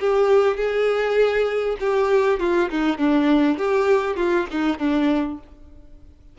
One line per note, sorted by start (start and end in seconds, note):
0.00 0.57 G4
0.57 1.77 G#4
1.80 2.40 G4
2.40 2.70 F4
2.70 2.98 D#4
2.98 3.58 D4
3.58 4.16 G4
4.16 4.46 F4
4.51 4.78 D#4
4.78 5.38 D4